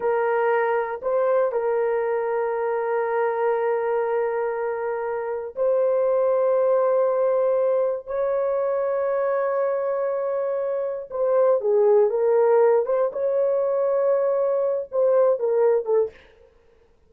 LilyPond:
\new Staff \with { instrumentName = "horn" } { \time 4/4 \tempo 4 = 119 ais'2 c''4 ais'4~ | ais'1~ | ais'2. c''4~ | c''1 |
cis''1~ | cis''2 c''4 gis'4 | ais'4. c''8 cis''2~ | cis''4. c''4 ais'4 a'8 | }